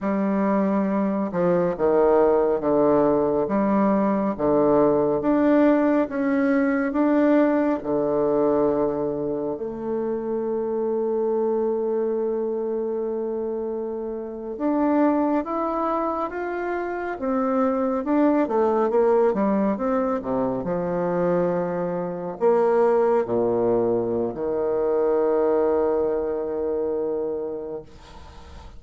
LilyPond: \new Staff \with { instrumentName = "bassoon" } { \time 4/4 \tempo 4 = 69 g4. f8 dis4 d4 | g4 d4 d'4 cis'4 | d'4 d2 a4~ | a1~ |
a8. d'4 e'4 f'4 c'16~ | c'8. d'8 a8 ais8 g8 c'8 c8 f16~ | f4.~ f16 ais4 ais,4~ ais,16 | dis1 | }